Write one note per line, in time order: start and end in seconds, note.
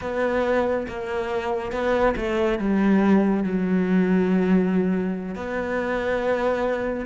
0.01 0.86 B3
0.88 1.71 A#3
1.71 2.14 B3
2.16 2.58 A3
2.58 3.43 G3
3.43 5.35 F#3
5.35 7.06 B3